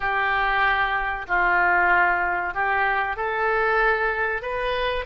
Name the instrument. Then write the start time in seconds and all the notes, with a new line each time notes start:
oboe
0.00 G4
1.27 F4
2.53 G4
3.16 A4
4.42 B4